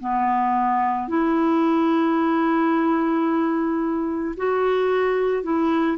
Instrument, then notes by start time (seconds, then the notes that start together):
clarinet
0.00 B3
1.08 E4
4.37 F#4
5.43 E4